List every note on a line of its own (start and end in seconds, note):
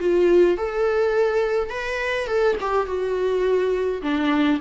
0.00 0.58 F4
0.58 1.70 A4
1.70 2.27 B4
2.27 2.56 A4
2.61 2.87 G4
2.87 4.02 F#4
4.02 4.60 D4